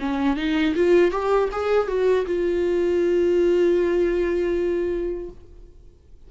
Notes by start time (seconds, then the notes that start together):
0.00 C#4
0.37 D#4
0.76 F4
1.12 G4
1.52 G#4
1.88 F#4
2.26 F4